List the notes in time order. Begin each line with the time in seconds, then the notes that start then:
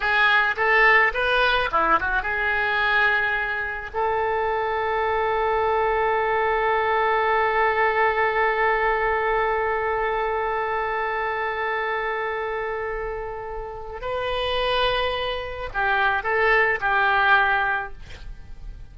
0.00 G#4
0.56 A4
1.13 B4
1.71 E4
2.00 F#4
2.22 G#4
3.93 A4
14.01 B4
15.73 G4
16.23 A4
16.80 G4